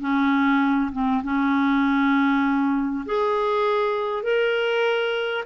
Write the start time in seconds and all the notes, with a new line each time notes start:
0.00 C#4
0.92 C4
1.23 C#4
3.06 G#4
4.23 A#4